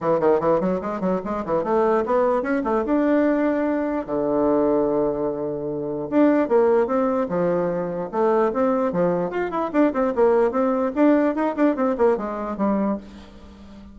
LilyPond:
\new Staff \with { instrumentName = "bassoon" } { \time 4/4 \tempo 4 = 148 e8 dis8 e8 fis8 gis8 fis8 gis8 e8 | a4 b4 cis'8 a8 d'4~ | d'2 d2~ | d2. d'4 |
ais4 c'4 f2 | a4 c'4 f4 f'8 e'8 | d'8 c'8 ais4 c'4 d'4 | dis'8 d'8 c'8 ais8 gis4 g4 | }